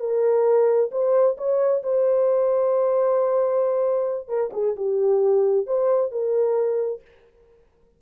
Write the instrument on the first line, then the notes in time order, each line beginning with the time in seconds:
horn
0.00 A#4
0.91 C5
1.38 C#5
1.83 C5
4.28 A#4
4.53 G#4
4.77 G4
5.67 C5
6.11 A#4